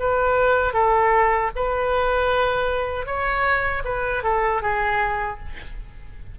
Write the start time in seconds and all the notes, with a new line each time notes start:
0.00 B4
0.74 A4
1.56 B4
3.07 C#5
3.85 B4
4.24 A4
4.63 G#4